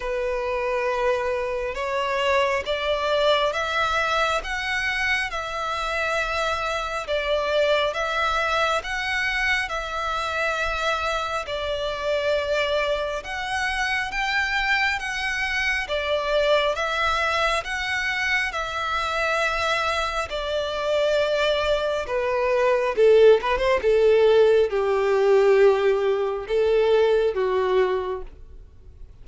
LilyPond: \new Staff \with { instrumentName = "violin" } { \time 4/4 \tempo 4 = 68 b'2 cis''4 d''4 | e''4 fis''4 e''2 | d''4 e''4 fis''4 e''4~ | e''4 d''2 fis''4 |
g''4 fis''4 d''4 e''4 | fis''4 e''2 d''4~ | d''4 b'4 a'8 b'16 c''16 a'4 | g'2 a'4 fis'4 | }